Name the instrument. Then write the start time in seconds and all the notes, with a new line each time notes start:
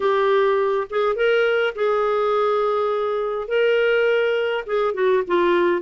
clarinet
0.00 G4
0.89 G#4
1.15 A#4
1.75 G#4
3.47 A#4
4.66 G#4
4.94 F#4
5.27 F4